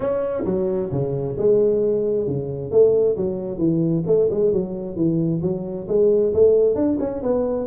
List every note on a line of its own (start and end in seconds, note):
0.00 0.44 C#4
0.44 0.90 F#3
0.91 1.36 C#3
1.38 2.27 G#3
2.27 2.71 C#3
2.71 3.16 A3
3.16 3.58 F#3
3.58 4.03 E3
4.06 4.28 A3
4.30 4.52 G#3
4.52 4.96 F#3
4.96 5.41 E3
5.42 5.87 F#3
5.88 6.33 G#3
6.33 6.75 A3
6.75 6.97 D4
6.99 7.22 C#4
7.22 7.67 B3